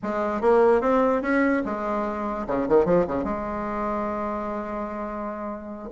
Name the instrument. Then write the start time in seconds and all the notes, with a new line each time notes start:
bassoon
0.02 G#3
0.41 A#3
0.81 C4
1.22 C#4
1.65 G#3
2.47 C#3
2.68 D#3
2.85 F3
3.07 C#3
3.24 G#3